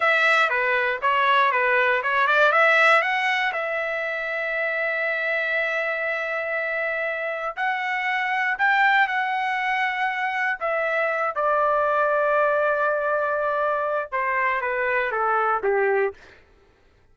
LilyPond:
\new Staff \with { instrumentName = "trumpet" } { \time 4/4 \tempo 4 = 119 e''4 b'4 cis''4 b'4 | cis''8 d''8 e''4 fis''4 e''4~ | e''1~ | e''2. fis''4~ |
fis''4 g''4 fis''2~ | fis''4 e''4. d''4.~ | d''1 | c''4 b'4 a'4 g'4 | }